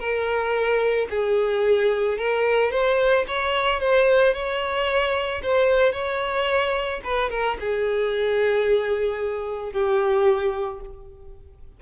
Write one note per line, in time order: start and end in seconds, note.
0.00 1.08 A#4
1.11 2.18 G#4
2.18 2.72 A#4
2.72 3.26 C5
3.28 3.80 C#5
3.80 4.34 C5
4.34 5.42 C#5
5.43 5.93 C5
5.93 7.01 C#5
7.04 7.30 B4
7.30 7.57 A#4
7.60 9.73 G#4
9.73 10.81 G4